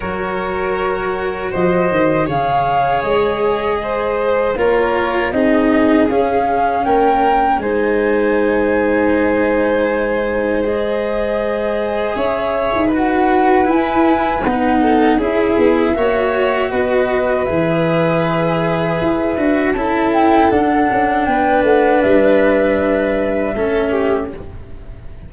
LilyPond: <<
  \new Staff \with { instrumentName = "flute" } { \time 4/4 \tempo 4 = 79 cis''2 dis''4 f''4 | dis''2 cis''4 dis''4 | f''4 g''4 gis''2~ | gis''2 dis''2 |
e''4 fis''4 gis''4 fis''4 | e''2 dis''4 e''4~ | e''2 a''8 g''8 fis''4 | g''8 fis''8 e''2. | }
  \new Staff \with { instrumentName = "violin" } { \time 4/4 ais'2 c''4 cis''4~ | cis''4 c''4 ais'4 gis'4~ | gis'4 ais'4 c''2~ | c''1 |
cis''4 b'2~ b'8 a'8 | gis'4 cis''4 b'2~ | b'2 a'2 | b'2. a'8 g'8 | }
  \new Staff \with { instrumentName = "cello" } { \time 4/4 fis'2. gis'4~ | gis'2 f'4 dis'4 | cis'2 dis'2~ | dis'2 gis'2~ |
gis'4 fis'4 e'4 dis'4 | e'4 fis'2 gis'4~ | gis'4. fis'8 e'4 d'4~ | d'2. cis'4 | }
  \new Staff \with { instrumentName = "tuba" } { \time 4/4 fis2 f8 dis8 cis4 | gis2 ais4 c'4 | cis'4 ais4 gis2~ | gis1 |
cis'8. dis'4~ dis'16 e'4 b4 | cis'8 b8 ais4 b4 e4~ | e4 e'8 d'8 cis'4 d'8 cis'8 | b8 a8 g2 a4 | }
>>